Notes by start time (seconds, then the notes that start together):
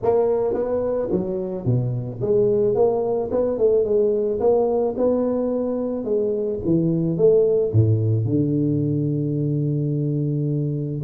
0.02 A#3
0.53 B3
1.11 F#3
1.65 B2
2.21 G#3
2.74 A#3
3.31 B3
3.58 A3
3.84 G#3
4.39 A#3
4.97 B3
6.04 G#3
6.64 E3
7.17 A3
7.72 A2
8.25 D3